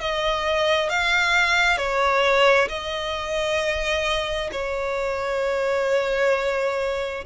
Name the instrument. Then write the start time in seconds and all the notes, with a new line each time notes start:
violin
0.00 D#5
0.89 F5
1.77 C#5
2.68 D#5
4.52 C#5